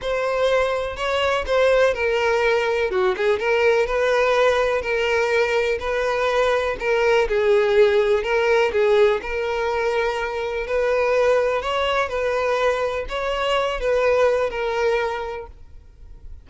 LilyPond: \new Staff \with { instrumentName = "violin" } { \time 4/4 \tempo 4 = 124 c''2 cis''4 c''4 | ais'2 fis'8 gis'8 ais'4 | b'2 ais'2 | b'2 ais'4 gis'4~ |
gis'4 ais'4 gis'4 ais'4~ | ais'2 b'2 | cis''4 b'2 cis''4~ | cis''8 b'4. ais'2 | }